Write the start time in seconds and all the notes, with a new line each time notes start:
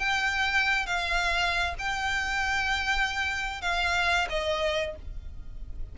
0.00 G5
0.87 F5
1.79 G5
3.62 F5
4.30 D#5